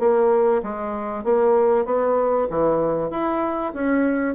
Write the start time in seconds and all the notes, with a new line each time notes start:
0.00 A#3
0.63 G#3
1.25 A#3
1.86 B3
2.50 E3
3.11 E4
3.74 C#4